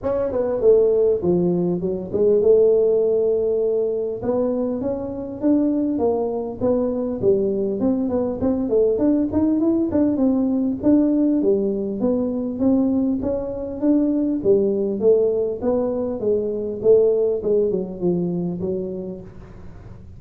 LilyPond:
\new Staff \with { instrumentName = "tuba" } { \time 4/4 \tempo 4 = 100 cis'8 b8 a4 f4 fis8 gis8 | a2. b4 | cis'4 d'4 ais4 b4 | g4 c'8 b8 c'8 a8 d'8 dis'8 |
e'8 d'8 c'4 d'4 g4 | b4 c'4 cis'4 d'4 | g4 a4 b4 gis4 | a4 gis8 fis8 f4 fis4 | }